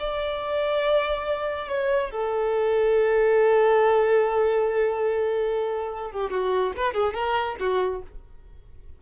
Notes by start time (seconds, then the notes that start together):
0.00 D5
1.69 C#5
2.11 A4
6.12 G4
6.31 F#4
6.77 B4
6.94 G#4
7.14 A#4
7.60 F#4